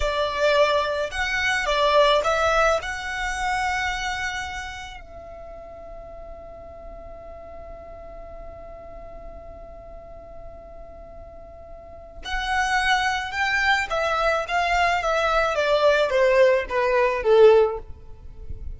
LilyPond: \new Staff \with { instrumentName = "violin" } { \time 4/4 \tempo 4 = 108 d''2 fis''4 d''4 | e''4 fis''2.~ | fis''4 e''2.~ | e''1~ |
e''1~ | e''2 fis''2 | g''4 e''4 f''4 e''4 | d''4 c''4 b'4 a'4 | }